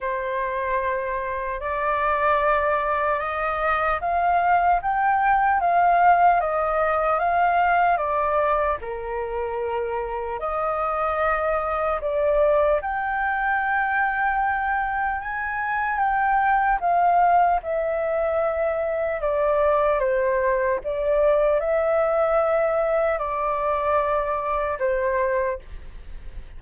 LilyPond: \new Staff \with { instrumentName = "flute" } { \time 4/4 \tempo 4 = 75 c''2 d''2 | dis''4 f''4 g''4 f''4 | dis''4 f''4 d''4 ais'4~ | ais'4 dis''2 d''4 |
g''2. gis''4 | g''4 f''4 e''2 | d''4 c''4 d''4 e''4~ | e''4 d''2 c''4 | }